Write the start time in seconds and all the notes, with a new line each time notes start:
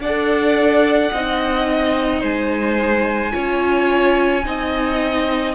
0.00 D4 A4 D5 F#5
1.12 C4 D#4 D#5
2.21 G#3 C5 G#5
3.32 C#4 F4 C#5
4.44 C4 D#4 D#5